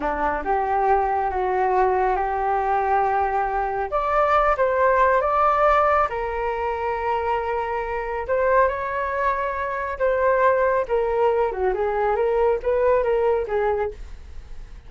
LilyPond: \new Staff \with { instrumentName = "flute" } { \time 4/4 \tempo 4 = 138 d'4 g'2 fis'4~ | fis'4 g'2.~ | g'4 d''4. c''4. | d''2 ais'2~ |
ais'2. c''4 | cis''2. c''4~ | c''4 ais'4. fis'8 gis'4 | ais'4 b'4 ais'4 gis'4 | }